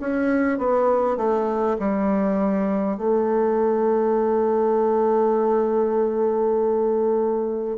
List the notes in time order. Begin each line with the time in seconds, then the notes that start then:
0.00 C#4
0.58 B3
1.17 A3
1.79 G3
2.97 A3